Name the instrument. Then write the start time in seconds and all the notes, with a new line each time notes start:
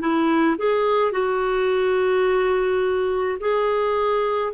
clarinet
0.00 E4
0.58 G#4
1.12 F#4
3.40 G#4